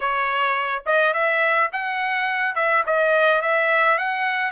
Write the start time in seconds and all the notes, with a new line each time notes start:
0.00 C#5
0.86 D#5
1.13 E5
1.72 F#5
2.55 E5
2.86 D#5
3.41 E5
3.98 F#5